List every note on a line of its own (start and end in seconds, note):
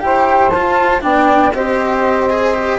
0.00 0.54 E4
0.00 0.50 G4
0.00 1.03 C5
0.00 0.50 G5
0.50 1.04 F4
0.50 1.01 F4
0.50 1.00 A5
1.01 1.53 B3
1.01 1.52 D4
1.01 1.53 D5
1.01 1.54 G5
1.53 2.79 C4
1.53 2.30 G4
1.53 2.79 C5
1.53 2.79 D#5
2.30 2.55 G#4
2.55 2.79 G4